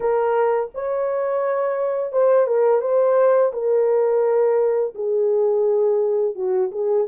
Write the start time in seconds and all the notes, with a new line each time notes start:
0.00 A#4
0.74 C#5
2.12 C5
2.46 A#4
2.81 C5
3.53 A#4
4.94 G#4
6.35 F#4
6.71 G#4